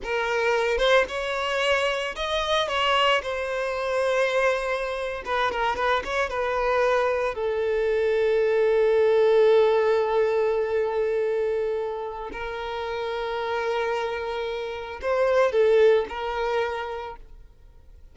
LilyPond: \new Staff \with { instrumentName = "violin" } { \time 4/4 \tempo 4 = 112 ais'4. c''8 cis''2 | dis''4 cis''4 c''2~ | c''4.~ c''16 b'8 ais'8 b'8 cis''8 b'16~ | b'4.~ b'16 a'2~ a'16~ |
a'1~ | a'2. ais'4~ | ais'1 | c''4 a'4 ais'2 | }